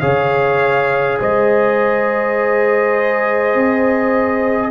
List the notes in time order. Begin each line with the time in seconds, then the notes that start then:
0.00 C#3 G#4 C#5 F5
1.19 G#3 C5 D#5
3.55 C4